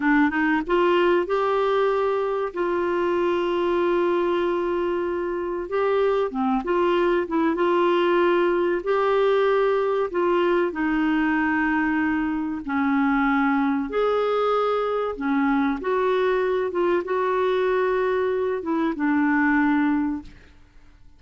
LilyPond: \new Staff \with { instrumentName = "clarinet" } { \time 4/4 \tempo 4 = 95 d'8 dis'8 f'4 g'2 | f'1~ | f'4 g'4 c'8 f'4 e'8 | f'2 g'2 |
f'4 dis'2. | cis'2 gis'2 | cis'4 fis'4. f'8 fis'4~ | fis'4. e'8 d'2 | }